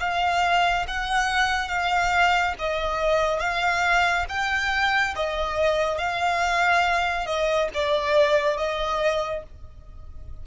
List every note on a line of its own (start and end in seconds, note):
0.00 0.86 F5
0.88 1.68 F#5
1.68 2.54 F5
2.59 3.40 D#5
3.40 4.25 F5
4.29 5.15 G5
5.16 5.98 D#5
5.98 7.26 F5
7.26 7.69 D#5
7.74 8.58 D5
8.58 9.43 D#5